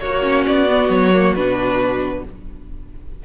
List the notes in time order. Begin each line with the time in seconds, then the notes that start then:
0.00 A#3 F#4 C#5
0.06 F#4
0.22 C#4
0.46 B3 D5
0.70 B3
0.89 F#3 C#5
1.14 A#3
1.35 B2 D4 B4